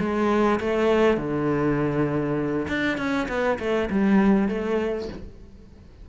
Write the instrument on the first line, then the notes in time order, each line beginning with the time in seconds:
cello
0.00 G#3
0.60 A3
1.18 D3
2.69 D4
2.98 C#4
3.29 B3
3.60 A3
3.91 G3
4.49 A3